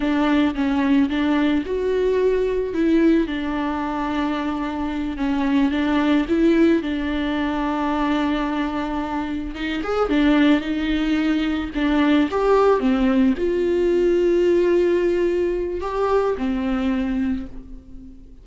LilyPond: \new Staff \with { instrumentName = "viola" } { \time 4/4 \tempo 4 = 110 d'4 cis'4 d'4 fis'4~ | fis'4 e'4 d'2~ | d'4. cis'4 d'4 e'8~ | e'8 d'2.~ d'8~ |
d'4. dis'8 gis'8 d'4 dis'8~ | dis'4. d'4 g'4 c'8~ | c'8 f'2.~ f'8~ | f'4 g'4 c'2 | }